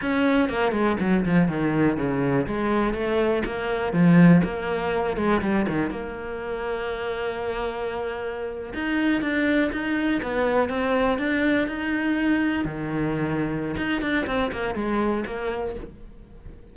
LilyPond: \new Staff \with { instrumentName = "cello" } { \time 4/4 \tempo 4 = 122 cis'4 ais8 gis8 fis8 f8 dis4 | cis4 gis4 a4 ais4 | f4 ais4. gis8 g8 dis8 | ais1~ |
ais4.~ ais16 dis'4 d'4 dis'16~ | dis'8. b4 c'4 d'4 dis'16~ | dis'4.~ dis'16 dis2~ dis16 | dis'8 d'8 c'8 ais8 gis4 ais4 | }